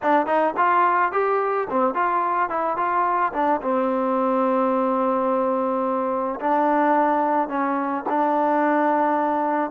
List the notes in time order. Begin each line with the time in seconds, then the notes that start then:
0.02 D4
0.26 D#4
0.57 F4
1.12 G4
1.70 C4
1.94 F4
2.49 E4
2.76 F4
3.33 D4
3.61 C4
6.40 D4
7.48 C#4
8.09 D4